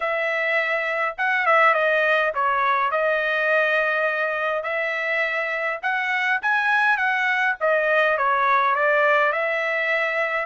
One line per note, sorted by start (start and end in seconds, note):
0.00 1.15 E5
1.17 1.46 F#5
1.46 1.74 E5
1.74 2.32 D#5
2.34 2.91 C#5
2.91 4.63 D#5
4.63 5.79 E5
5.82 6.40 F#5
6.42 6.97 G#5
6.97 7.55 F#5
7.60 8.17 D#5
8.17 8.75 C#5
8.75 9.32 D5
9.32 10.45 E5